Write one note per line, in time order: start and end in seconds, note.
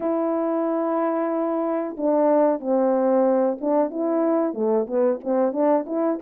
0.00 1.96 E4
1.97 2.60 D4
2.60 3.58 C4
3.60 3.90 D4
3.90 4.53 E4
4.53 4.86 A3
4.86 5.19 B3
5.24 5.52 C4
5.52 5.85 D4
5.86 6.19 E4